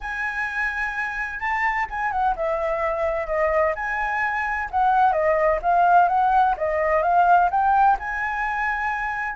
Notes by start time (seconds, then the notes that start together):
0.00 G#5
1.39 A5
1.90 G#5
2.11 F#5
2.36 E5
3.27 D#5
3.75 G#5
4.70 F#5
5.12 D#5
5.62 F5
6.08 F#5
6.57 D#5
7.02 F5
7.50 G5
7.99 G#5